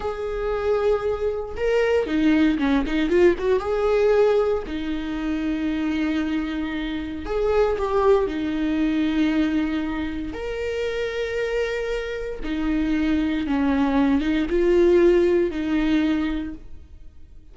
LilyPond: \new Staff \with { instrumentName = "viola" } { \time 4/4 \tempo 4 = 116 gis'2. ais'4 | dis'4 cis'8 dis'8 f'8 fis'8 gis'4~ | gis'4 dis'2.~ | dis'2 gis'4 g'4 |
dis'1 | ais'1 | dis'2 cis'4. dis'8 | f'2 dis'2 | }